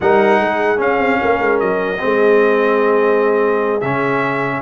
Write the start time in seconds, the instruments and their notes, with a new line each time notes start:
0.00 tuba G3, trombone D#4, horn A#4, trumpet F#5
0.39 tuba G#3, horn G#4
0.77 trombone C#4, tuba C#4, trumpet F5
0.99 tuba C4
1.21 tuba A#3, horn A#4
1.40 tuba G#3
1.59 tuba F#3, trumpet D#5
1.99 tuba G#3, trombone C4, horn G#4
3.81 tuba C#3, trombone C#4, trumpet E5